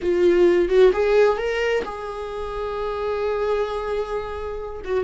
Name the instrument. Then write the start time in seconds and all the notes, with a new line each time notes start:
viola
0.01 F4
0.68 F#4
0.92 G#4
1.37 A#4
1.84 G#4
4.84 F#4